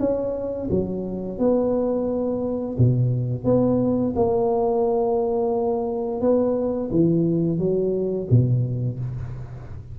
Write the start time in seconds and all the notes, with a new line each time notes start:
0.00 C#4
0.71 F#3
1.39 B3
2.79 B2
3.45 B3
4.16 A#3
6.21 B3
6.91 E3
7.59 F#3
8.31 B2